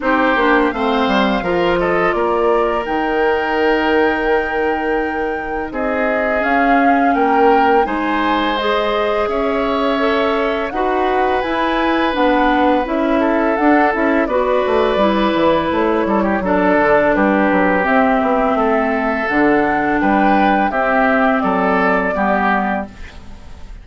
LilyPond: <<
  \new Staff \with { instrumentName = "flute" } { \time 4/4 \tempo 4 = 84 c''4 f''4. dis''8 d''4 | g''1 | dis''4 f''4 g''4 gis''4 | dis''4 e''2 fis''4 |
gis''4 fis''4 e''4 fis''8 e''8 | d''2 cis''4 d''4 | b'4 e''2 fis''4 | g''4 e''4 d''2 | }
  \new Staff \with { instrumentName = "oboe" } { \time 4/4 g'4 c''4 ais'8 a'8 ais'4~ | ais'1 | gis'2 ais'4 c''4~ | c''4 cis''2 b'4~ |
b'2~ b'8 a'4. | b'2~ b'8 a'16 g'16 a'4 | g'2 a'2 | b'4 g'4 a'4 g'4 | }
  \new Staff \with { instrumentName = "clarinet" } { \time 4/4 dis'8 d'8 c'4 f'2 | dis'1~ | dis'4 cis'2 dis'4 | gis'2 a'4 fis'4 |
e'4 d'4 e'4 d'8 e'8 | fis'4 e'2 d'4~ | d'4 c'2 d'4~ | d'4 c'2 b4 | }
  \new Staff \with { instrumentName = "bassoon" } { \time 4/4 c'8 ais8 a8 g8 f4 ais4 | dis1 | c'4 cis'4 ais4 gis4~ | gis4 cis'2 dis'4 |
e'4 b4 cis'4 d'8 cis'8 | b8 a8 g8 e8 a8 g8 fis8 d8 | g8 fis8 c'8 b8 a4 d4 | g4 c'4 fis4 g4 | }
>>